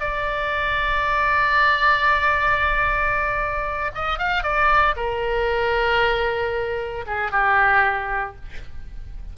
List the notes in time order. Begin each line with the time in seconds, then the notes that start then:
0.00 D5
3.94 D#5
4.18 F5
4.43 D5
4.96 A#4
7.06 G#4
7.31 G4